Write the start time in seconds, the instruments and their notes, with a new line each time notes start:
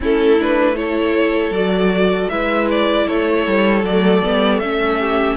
0.00 cello A3, viola C#4, violin E4 A4
0.39 viola D4, violin B4
0.75 viola E4, violin A4 C#5
1.50 cello F#3, viola F#4, violin D5
2.29 cello G#3, viola E4, violin B4 E5
2.70 violin D5
3.06 cello A3, violin A4 C#5
3.47 cello G3
3.83 cello F#3, viola A3, violin D5
4.22 cello G3, viola B3
4.59 cello A3, viola C#4, violin E5
4.99 violin G4